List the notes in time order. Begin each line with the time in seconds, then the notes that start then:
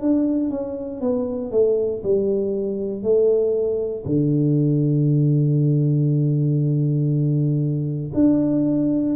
0.00 D4
0.50 C#4
1.00 B3
1.51 A3
2.03 G3
3.02 A3
4.05 D3
8.14 D4